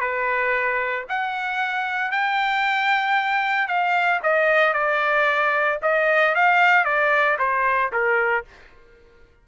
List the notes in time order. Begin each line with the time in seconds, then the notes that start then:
0.00 B4
1.09 F#5
2.11 G5
3.67 F5
4.23 D#5
4.73 D5
5.82 D#5
6.35 F5
6.84 D5
7.39 C5
7.92 A#4